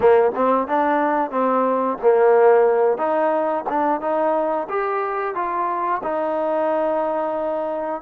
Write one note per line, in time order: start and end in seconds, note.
0.00 0.32 A#3
0.35 0.67 C4
0.67 1.30 D4
1.30 1.97 C4
2.02 2.97 A#3
2.97 3.64 D#4
3.69 4.01 D4
4.01 4.67 D#4
4.69 5.35 G4
5.35 6.01 F4
6.03 8.01 D#4